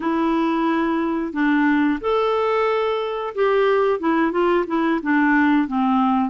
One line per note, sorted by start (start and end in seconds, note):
0.00 1.32 E4
1.32 1.99 D4
2.00 3.34 A4
3.35 3.99 G4
3.99 4.32 E4
4.32 4.65 F4
4.67 5.00 E4
5.02 5.67 D4
5.67 6.30 C4